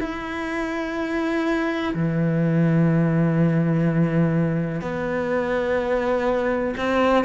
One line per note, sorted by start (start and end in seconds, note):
0.00 1.94 E4
1.94 4.81 E3
4.81 6.75 B3
6.77 7.24 C4